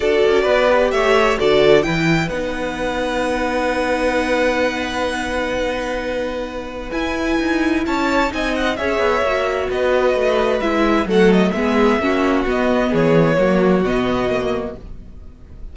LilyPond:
<<
  \new Staff \with { instrumentName = "violin" } { \time 4/4 \tempo 4 = 130 d''2 e''4 d''4 | g''4 fis''2.~ | fis''1~ | fis''2. gis''4~ |
gis''4 a''4 gis''8 fis''8 e''4~ | e''4 dis''2 e''4 | fis''8 dis''8 e''2 dis''4 | cis''2 dis''2 | }
  \new Staff \with { instrumentName = "violin" } { \time 4/4 a'4 b'4 cis''4 a'4 | b'1~ | b'1~ | b'1~ |
b'4 cis''4 dis''4 cis''4~ | cis''4 b'2. | a'4 gis'4 fis'2 | gis'4 fis'2. | }
  \new Staff \with { instrumentName = "viola" } { \time 4/4 fis'4. g'4. fis'4 | e'4 dis'2.~ | dis'1~ | dis'2. e'4~ |
e'2 dis'4 gis'4 | fis'2. e'4 | a4 b4 cis'4 b4~ | b4 ais4 b4 ais4 | }
  \new Staff \with { instrumentName = "cello" } { \time 4/4 d'8 cis'8 b4 a4 d4 | e4 b2.~ | b1~ | b2. e'4 |
dis'4 cis'4 c'4 cis'8 b8 | ais4 b4 a4 gis4 | fis4 gis4 ais4 b4 | e4 fis4 b,2 | }
>>